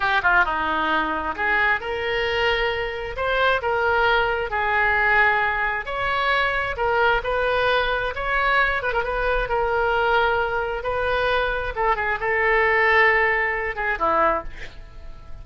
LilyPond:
\new Staff \with { instrumentName = "oboe" } { \time 4/4 \tempo 4 = 133 g'8 f'8 dis'2 gis'4 | ais'2. c''4 | ais'2 gis'2~ | gis'4 cis''2 ais'4 |
b'2 cis''4. b'16 ais'16 | b'4 ais'2. | b'2 a'8 gis'8 a'4~ | a'2~ a'8 gis'8 e'4 | }